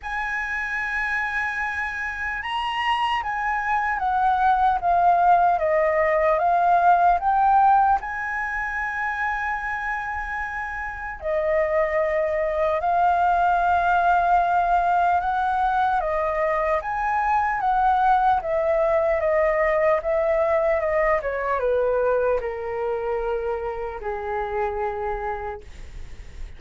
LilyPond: \new Staff \with { instrumentName = "flute" } { \time 4/4 \tempo 4 = 75 gis''2. ais''4 | gis''4 fis''4 f''4 dis''4 | f''4 g''4 gis''2~ | gis''2 dis''2 |
f''2. fis''4 | dis''4 gis''4 fis''4 e''4 | dis''4 e''4 dis''8 cis''8 b'4 | ais'2 gis'2 | }